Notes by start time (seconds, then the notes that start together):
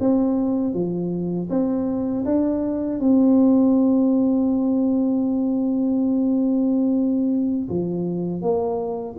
0.00 C4
0.74 F3
1.49 C4
2.25 D4
3.00 C4
7.69 F3
8.41 A#3